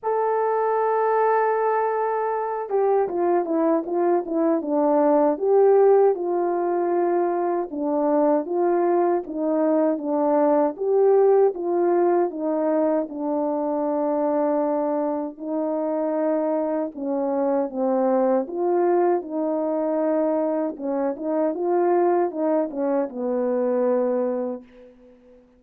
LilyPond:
\new Staff \with { instrumentName = "horn" } { \time 4/4 \tempo 4 = 78 a'2.~ a'8 g'8 | f'8 e'8 f'8 e'8 d'4 g'4 | f'2 d'4 f'4 | dis'4 d'4 g'4 f'4 |
dis'4 d'2. | dis'2 cis'4 c'4 | f'4 dis'2 cis'8 dis'8 | f'4 dis'8 cis'8 b2 | }